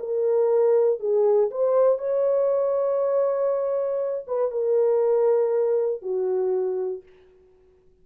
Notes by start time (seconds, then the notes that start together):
0.00 A#4
1.00 G#4
1.51 C5
1.99 C#5
4.28 B4
4.51 A#4
6.03 F#4